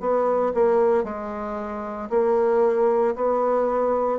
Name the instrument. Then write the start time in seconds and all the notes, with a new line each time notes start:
bassoon
0.00 B3
0.55 A#3
1.04 G#3
2.10 A#3
3.16 B3